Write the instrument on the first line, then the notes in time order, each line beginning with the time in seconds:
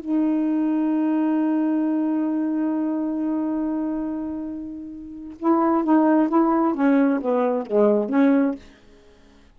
saxophone
0.00 D#4
5.39 E4
5.85 D#4
6.29 E4
6.75 C#4
7.22 B3
7.67 G#3
8.10 C#4